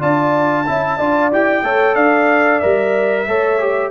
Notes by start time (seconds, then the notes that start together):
0.00 D4 F4 D5 A5
0.67 C#4 E4 E5
0.98 D4 F4 D5
1.32 E4 G4 G5
1.63 A3 A4 C#5
1.95 D4 D5 F5
2.60 G3 A#4 E5
3.28 A3 A4 C#5
3.60 G4